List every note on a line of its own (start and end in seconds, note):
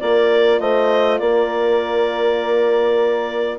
0.00 0.60 A#3
0.00 3.59 F4
0.00 0.60 A#4
0.00 0.60 D5
0.60 1.20 A3
0.60 1.20 C5
0.60 1.19 D#5
1.19 3.59 A#3
1.19 3.59 A#4
1.19 3.59 D5